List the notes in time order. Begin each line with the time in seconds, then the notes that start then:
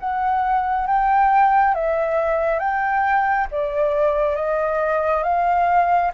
0.00 F#5
0.87 G5
1.75 E5
2.59 G5
3.52 D5
4.36 D#5
5.24 F5